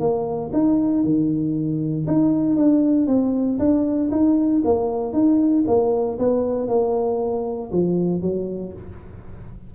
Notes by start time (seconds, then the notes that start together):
0.00 A#3
0.53 D#4
1.04 D#3
2.07 D#4
2.57 D4
3.07 C4
3.59 D4
4.11 D#4
4.65 A#3
5.13 D#4
5.67 A#3
6.19 B3
6.69 A#3
7.72 F3
8.22 F#3